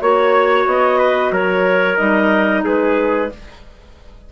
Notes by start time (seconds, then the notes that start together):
0.00 A#3 F#4 C#5
0.66 B3 D#5
0.98 B4
1.31 F#3 A#4 C#5
1.96 G3 D#4 D#5
2.64 G#3 G#4 B4